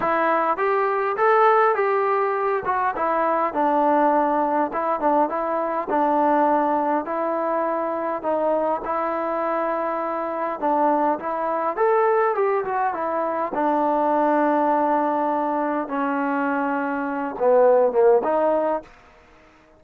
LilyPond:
\new Staff \with { instrumentName = "trombone" } { \time 4/4 \tempo 4 = 102 e'4 g'4 a'4 g'4~ | g'8 fis'8 e'4 d'2 | e'8 d'8 e'4 d'2 | e'2 dis'4 e'4~ |
e'2 d'4 e'4 | a'4 g'8 fis'8 e'4 d'4~ | d'2. cis'4~ | cis'4. b4 ais8 dis'4 | }